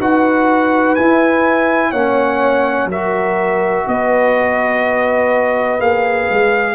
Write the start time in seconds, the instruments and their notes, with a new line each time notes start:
0.00 tuba D#4, trombone F#4, horn B4, trumpet F#5
0.95 trombone E4, tuba E4, trumpet G#5
1.90 tuba A#3, trombone C#4, horn C#5, trumpet F#5
2.86 tuba F#3, horn A#4, trumpet E5
2.92 trombone F#4
3.87 tuba B3, horn B4, trumpet D#5
5.79 tuba A#3, trombone G#4, trumpet F5
6.30 tuba G#3